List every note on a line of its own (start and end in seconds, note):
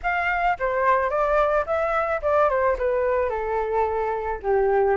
0.02 0.57 F5
0.59 1.10 C5
1.10 1.65 D5
1.65 2.20 E5
2.22 2.49 D5
2.49 2.76 C5
2.78 3.29 B4
3.29 4.39 A4
4.42 4.97 G4